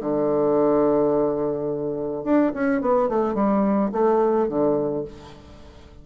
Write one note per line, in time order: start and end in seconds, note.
0.00 2.24 D3
2.24 2.52 D4
2.54 2.81 C#4
2.81 3.08 B3
3.08 3.34 A3
3.34 3.90 G3
3.92 4.48 A3
4.48 5.04 D3